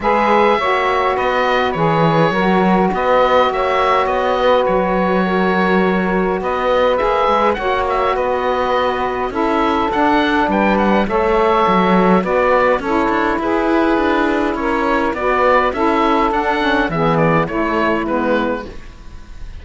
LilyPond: <<
  \new Staff \with { instrumentName = "oboe" } { \time 4/4 \tempo 4 = 103 e''2 dis''4 cis''4~ | cis''4 dis''4 e''4 dis''4 | cis''2. dis''4 | e''4 fis''8 e''8 dis''2 |
e''4 fis''4 g''8 fis''8 e''4~ | e''4 d''4 cis''4 b'4~ | b'4 cis''4 d''4 e''4 | fis''4 e''8 d''8 cis''4 b'4 | }
  \new Staff \with { instrumentName = "saxophone" } { \time 4/4 b'4 cis''4 b'2 | ais'4 b'4 cis''4. b'8~ | b'4 ais'2 b'4~ | b'4 cis''4 b'2 |
a'2 b'4 cis''4~ | cis''4 b'4 a'4 gis'4~ | gis'4 ais'4 b'4 a'4~ | a'4 gis'4 e'2 | }
  \new Staff \with { instrumentName = "saxophone" } { \time 4/4 gis'4 fis'2 gis'4 | fis'1~ | fis'1 | gis'4 fis'2. |
e'4 d'2 a'4~ | a'4 fis'4 e'2~ | e'2 fis'4 e'4 | d'8 cis'8 b4 a4 b4 | }
  \new Staff \with { instrumentName = "cello" } { \time 4/4 gis4 ais4 b4 e4 | fis4 b4 ais4 b4 | fis2. b4 | ais8 gis8 ais4 b2 |
cis'4 d'4 g4 a4 | fis4 b4 cis'8 d'8 e'4 | d'4 cis'4 b4 cis'4 | d'4 e4 a4 gis4 | }
>>